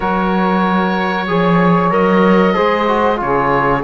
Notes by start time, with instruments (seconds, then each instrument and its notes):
0.00 cello F#3, trombone F#4, saxophone A#4, oboe C#5
1.27 cello F3, trombone G#4, saxophone C#5
1.90 cello F#3, trombone A#4, oboe D#5
2.54 cello G#3, trombone G#4, saxophone C5
2.88 trombone F#4
3.16 cello C#3, trombone F4, oboe C#5
3.22 saxophone G#4